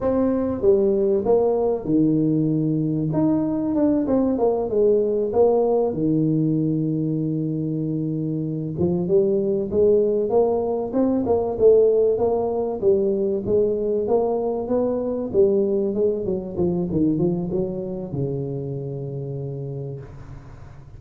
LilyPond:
\new Staff \with { instrumentName = "tuba" } { \time 4/4 \tempo 4 = 96 c'4 g4 ais4 dis4~ | dis4 dis'4 d'8 c'8 ais8 gis8~ | gis8 ais4 dis2~ dis8~ | dis2 f8 g4 gis8~ |
gis8 ais4 c'8 ais8 a4 ais8~ | ais8 g4 gis4 ais4 b8~ | b8 g4 gis8 fis8 f8 dis8 f8 | fis4 cis2. | }